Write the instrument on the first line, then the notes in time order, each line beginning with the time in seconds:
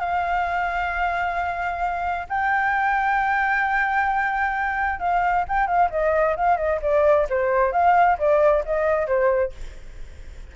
flute
0.00 F5
2.29 G5
5.00 F5
5.49 G5
5.67 F5
5.91 D#5
6.37 F5
6.58 D#5
6.82 D5
7.30 C5
7.73 F5
8.19 D5
8.66 D#5
9.07 C5